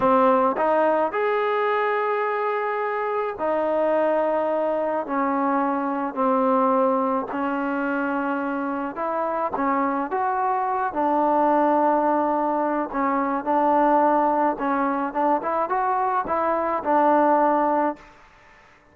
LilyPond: \new Staff \with { instrumentName = "trombone" } { \time 4/4 \tempo 4 = 107 c'4 dis'4 gis'2~ | gis'2 dis'2~ | dis'4 cis'2 c'4~ | c'4 cis'2. |
e'4 cis'4 fis'4. d'8~ | d'2. cis'4 | d'2 cis'4 d'8 e'8 | fis'4 e'4 d'2 | }